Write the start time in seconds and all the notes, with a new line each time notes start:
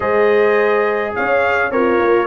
0.00 G#3 G#4 C5 D#5
1.15 C#4 C#5 F5
1.70 C4 F4 A#4 C#5
1.99 A#3